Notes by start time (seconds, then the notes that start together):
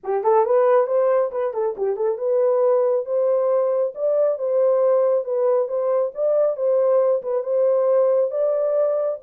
0.03 G4
0.23 A4
0.45 B4
0.87 C5
1.31 B4
1.53 A4
1.77 G4
1.96 A4
2.18 B4
3.05 C5
3.94 D5
4.38 C5
5.24 B4
5.68 C5
6.14 D5
6.56 C5
7.22 B4
7.43 C5
8.31 D5